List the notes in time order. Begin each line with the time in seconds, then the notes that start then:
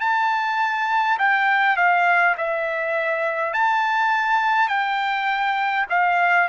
0.00 A5
1.18 G5
1.76 F5
2.37 E5
3.53 A5
4.68 G5
5.89 F5